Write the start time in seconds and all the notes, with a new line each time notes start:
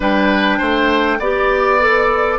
0.00 G3 D4 B4 G5
0.58 A3 C5
1.19 B3 G4 D5
1.80 A4